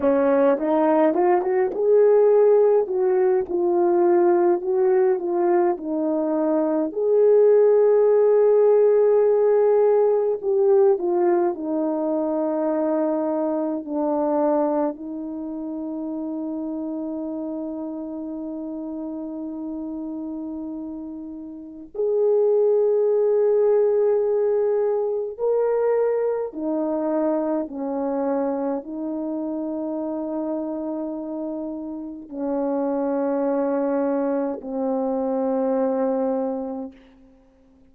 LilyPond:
\new Staff \with { instrumentName = "horn" } { \time 4/4 \tempo 4 = 52 cis'8 dis'8 f'16 fis'16 gis'4 fis'8 f'4 | fis'8 f'8 dis'4 gis'2~ | gis'4 g'8 f'8 dis'2 | d'4 dis'2.~ |
dis'2. gis'4~ | gis'2 ais'4 dis'4 | cis'4 dis'2. | cis'2 c'2 | }